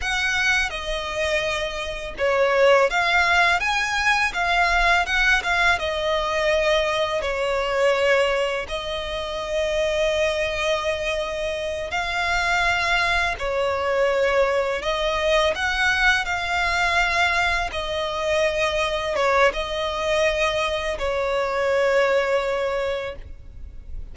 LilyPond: \new Staff \with { instrumentName = "violin" } { \time 4/4 \tempo 4 = 83 fis''4 dis''2 cis''4 | f''4 gis''4 f''4 fis''8 f''8 | dis''2 cis''2 | dis''1~ |
dis''8 f''2 cis''4.~ | cis''8 dis''4 fis''4 f''4.~ | f''8 dis''2 cis''8 dis''4~ | dis''4 cis''2. | }